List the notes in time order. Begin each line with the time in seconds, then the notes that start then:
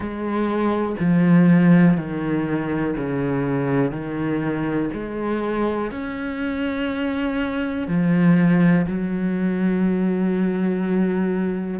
0.00 G#3
0.99 F3
1.97 D#3
2.96 C#3
3.91 D#3
4.93 G#3
5.91 C#4
7.87 F3
8.87 F#3